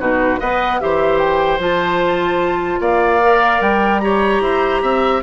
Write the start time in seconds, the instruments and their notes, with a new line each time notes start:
0.00 bassoon B2, clarinet D#4, oboe F#4, flute B4
0.39 bassoon B3, clarinet B4, oboe D#5, flute F#5
0.80 bassoon E3, clarinet G4, oboe C5, flute E5
1.19 flute G5
1.59 bassoon F3, clarinet F4, flute A5
2.80 bassoon A#3, oboe D5, flute F5
3.22 clarinet A#4
3.61 bassoon G3, flute G5
4.00 clarinet G4, oboe C#5, flute A#5
4.41 bassoon E4, oboe C5
4.82 bassoon C4, oboe E5